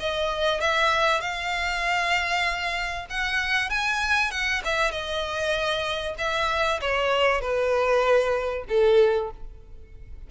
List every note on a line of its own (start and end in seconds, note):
0.00 0.61 D#5
0.61 1.21 E5
1.21 3.06 F5
3.10 3.70 F#5
3.70 4.31 G#5
4.31 4.62 F#5
4.65 4.91 E5
4.91 6.15 D#5
6.18 6.80 E5
6.81 7.41 C#5
7.41 8.65 B4
8.69 9.31 A4